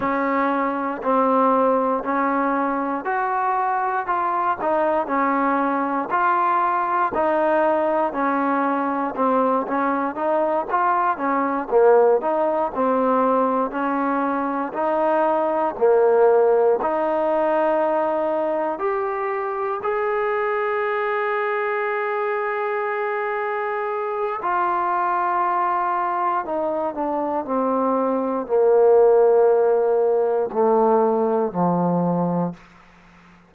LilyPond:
\new Staff \with { instrumentName = "trombone" } { \time 4/4 \tempo 4 = 59 cis'4 c'4 cis'4 fis'4 | f'8 dis'8 cis'4 f'4 dis'4 | cis'4 c'8 cis'8 dis'8 f'8 cis'8 ais8 | dis'8 c'4 cis'4 dis'4 ais8~ |
ais8 dis'2 g'4 gis'8~ | gis'1 | f'2 dis'8 d'8 c'4 | ais2 a4 f4 | }